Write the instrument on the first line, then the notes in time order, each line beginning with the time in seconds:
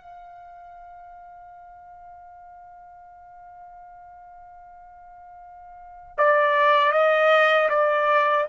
trumpet
0.00 F5
6.17 D5
6.92 D#5
7.69 D5